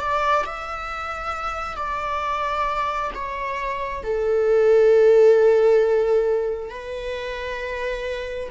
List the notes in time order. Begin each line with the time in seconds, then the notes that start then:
0.00 D5
0.46 E5
1.77 D5
3.15 C#5
4.03 A4
6.70 B4